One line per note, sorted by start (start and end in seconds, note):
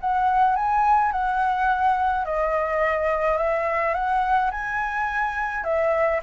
0.00 0.56 F#5
0.56 1.12 G#5
1.12 2.25 F#5
2.25 3.37 D#5
3.37 3.94 E5
3.94 4.51 F#5
4.51 5.63 G#5
5.63 6.20 E5